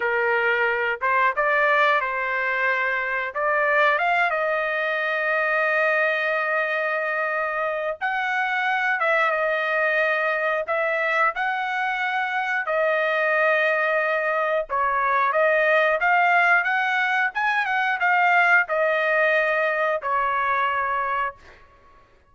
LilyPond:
\new Staff \with { instrumentName = "trumpet" } { \time 4/4 \tempo 4 = 90 ais'4. c''8 d''4 c''4~ | c''4 d''4 f''8 dis''4.~ | dis''1 | fis''4. e''8 dis''2 |
e''4 fis''2 dis''4~ | dis''2 cis''4 dis''4 | f''4 fis''4 gis''8 fis''8 f''4 | dis''2 cis''2 | }